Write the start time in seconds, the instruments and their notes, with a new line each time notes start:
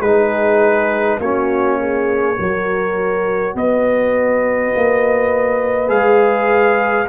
0.00 tuba G#3, trombone D#4, horn G#4, trumpet B4
1.20 tuba A#3, trombone C#4, horn F#4, trumpet C#5
1.80 horn G#4
2.36 tuba F#3, trombone F#4, horn A#4
3.55 tuba B3, horn B4, trumpet D#5
4.76 tuba A#3
5.88 tuba G#3, trombone G#4, trumpet F5